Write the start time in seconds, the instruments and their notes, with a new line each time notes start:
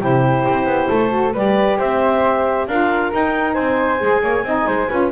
0.00 double bass C3, saxophone E4, flute G4, clarinet C5
0.48 double bass C4
0.65 double bass B3
0.89 double bass A3, flute A4
1.10 saxophone F#4
1.32 double bass G3, saxophone G4, flute B4, clarinet D5
1.78 double bass C4, flute C5, clarinet E5
2.67 double bass D4, saxophone F4, flute A#4, clarinet F5
3.12 saxophone D#4, double bass D#4, clarinet G5
3.53 double bass C4, flute C5, clarinet G#5
3.99 double bass G#3, saxophone G#4
4.22 double bass A#3, flute C#5
4.43 double bass C4, saxophone D#4, flute D#5
4.67 double bass G#3, flute C5
4.89 double bass C#4, saxophone F4, flute B4